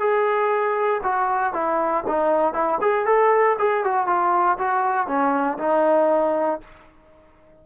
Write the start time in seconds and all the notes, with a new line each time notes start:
0.00 G#4
1.04 F#4
1.54 E4
2.08 D#4
2.54 E4
2.82 G#4
3.06 A4
3.59 G#4
3.85 F#4
4.07 F4
4.59 F#4
5.08 C#4
5.59 D#4